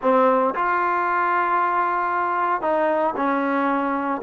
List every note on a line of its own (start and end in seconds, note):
0.01 0.54 C4
0.55 2.61 F4
2.61 3.14 D#4
3.16 4.21 C#4